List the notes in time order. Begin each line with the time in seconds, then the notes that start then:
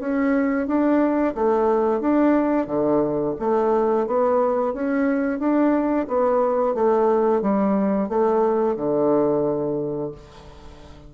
0.00 C#4
0.67 D4
1.35 A3
2.01 D4
2.67 D3
3.40 A3
4.07 B3
4.74 C#4
5.39 D4
6.08 B3
6.75 A3
7.42 G3
8.09 A3
8.77 D3